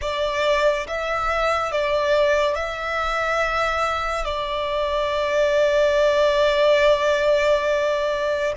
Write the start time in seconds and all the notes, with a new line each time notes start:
0.01 D5
0.87 E5
1.71 D5
2.55 E5
4.24 D5